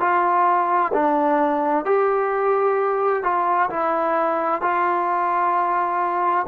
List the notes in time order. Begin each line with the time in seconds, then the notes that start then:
0.00 F4
0.94 D4
1.85 G4
3.23 F4
3.70 E4
4.62 F4